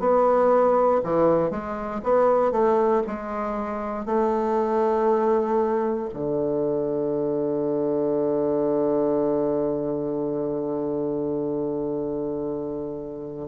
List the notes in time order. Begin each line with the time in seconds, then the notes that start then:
0.00 B3
1.04 E3
1.51 G#3
2.04 B3
2.52 A3
3.07 G#3
4.06 A3
6.14 D3